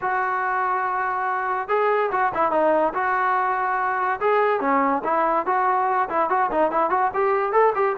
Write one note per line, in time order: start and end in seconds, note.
0.01 1.68 F#4
1.68 2.10 G#4
2.11 2.32 F#4
2.34 2.51 E4
2.51 2.93 D#4
2.94 4.20 F#4
4.20 4.60 G#4
4.60 5.02 C#4
5.03 5.45 E4
5.45 6.08 F#4
6.09 6.29 E4
6.29 6.50 F#4
6.51 6.71 D#4
6.71 6.90 E4
6.90 7.11 F#4
7.13 7.52 G4
7.52 7.73 A4
7.75 7.96 G4